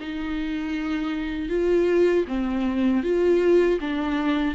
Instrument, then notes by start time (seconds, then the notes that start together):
viola
0.00 D#4
1.49 F4
2.27 C4
3.03 F4
3.80 D4